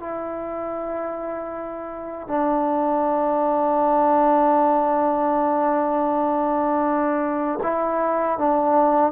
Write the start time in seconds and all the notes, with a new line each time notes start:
0.00 E4
2.28 D4
7.63 E4
8.39 D4